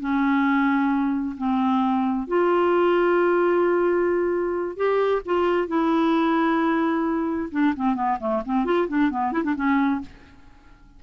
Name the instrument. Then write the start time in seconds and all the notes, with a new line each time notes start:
clarinet
0.00 C#4
1.37 C4
2.28 F4
4.77 G4
5.25 F4
5.68 E4
7.52 D4
7.76 C4
7.95 B3
8.20 A3
8.46 C4
8.65 F4
8.88 D4
9.11 B3
9.32 E4
9.44 D4
9.56 C#4